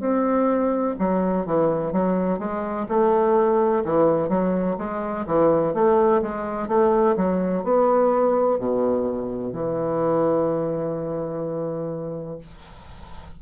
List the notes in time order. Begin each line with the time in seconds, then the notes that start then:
0.00 C4
0.99 F#3
1.46 E3
1.92 F#3
2.39 G#3
2.88 A3
3.84 E3
4.29 F#3
4.78 G#3
5.26 E3
5.74 A3
6.22 G#3
6.68 A3
7.16 F#3
7.63 B3
8.58 B2
9.52 E3